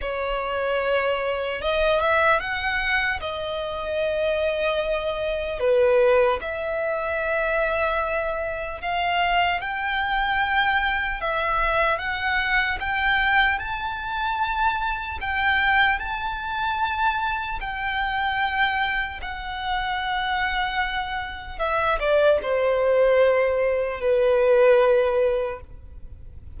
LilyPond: \new Staff \with { instrumentName = "violin" } { \time 4/4 \tempo 4 = 75 cis''2 dis''8 e''8 fis''4 | dis''2. b'4 | e''2. f''4 | g''2 e''4 fis''4 |
g''4 a''2 g''4 | a''2 g''2 | fis''2. e''8 d''8 | c''2 b'2 | }